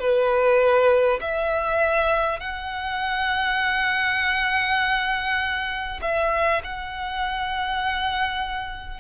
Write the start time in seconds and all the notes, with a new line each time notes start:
0.00 B4
1.22 E5
2.40 F#5
6.02 E5
6.64 F#5